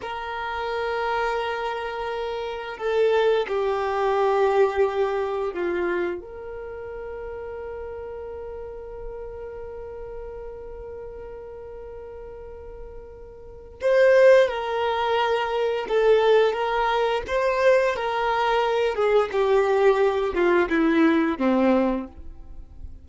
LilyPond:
\new Staff \with { instrumentName = "violin" } { \time 4/4 \tempo 4 = 87 ais'1 | a'4 g'2. | f'4 ais'2.~ | ais'1~ |
ais'1 | c''4 ais'2 a'4 | ais'4 c''4 ais'4. gis'8 | g'4. f'8 e'4 c'4 | }